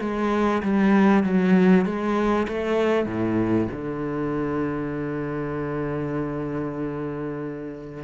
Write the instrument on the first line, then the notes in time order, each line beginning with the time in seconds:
cello
0.00 G#3
0.62 G3
1.23 F#3
1.85 G#3
2.47 A3
3.06 A2
3.72 D3